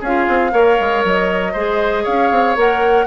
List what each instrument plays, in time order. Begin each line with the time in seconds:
0.00 bassoon C#4, oboe G#4, flute F5
0.06 clarinet F4
0.28 bassoon C4
0.51 bassoon A#3, clarinet A#4, oboe C#5
0.79 bassoon G#3
1.04 bassoon F#3, flute D#5
1.52 bassoon G#3, clarinet G#4, oboe C5
2.03 bassoon C#4, oboe C#5, flute F5
2.31 bassoon C4
2.56 bassoon A#3, clarinet A#4, flute F#5